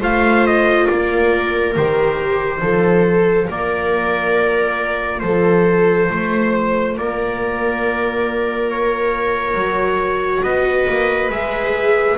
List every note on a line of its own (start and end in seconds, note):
0.00 0.87 A3
0.00 1.74 F4
0.00 0.85 C5
0.00 0.46 F5
0.46 0.87 D#5
0.85 1.76 A#3
0.85 2.59 A#4
0.85 1.74 D5
1.74 2.61 D#3
1.74 2.61 G4
1.74 3.51 C5
2.61 3.48 F3
2.61 9.56 F4
2.61 3.48 A4
3.48 5.23 A#3
3.48 5.22 A#4
3.48 5.19 D5
5.19 6.10 F3
5.19 6.11 A4
5.19 6.93 C5
6.10 6.97 A3
6.10 6.98 C5
6.97 9.54 A#3
6.97 10.43 A#4
6.97 8.70 D5
8.70 10.43 C#5
9.54 10.41 F#3
9.54 11.31 F#4
10.43 10.87 B3
10.43 12.17 B4
10.43 11.30 D#5
10.88 11.29 A#3
11.29 12.16 G#3
11.29 12.18 G#4
11.29 12.18 E5